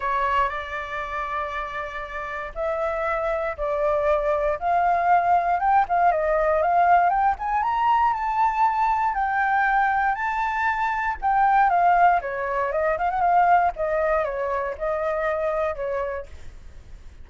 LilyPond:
\new Staff \with { instrumentName = "flute" } { \time 4/4 \tempo 4 = 118 cis''4 d''2.~ | d''4 e''2 d''4~ | d''4 f''2 g''8 f''8 | dis''4 f''4 g''8 gis''8 ais''4 |
a''2 g''2 | a''2 g''4 f''4 | cis''4 dis''8 f''16 fis''16 f''4 dis''4 | cis''4 dis''2 cis''4 | }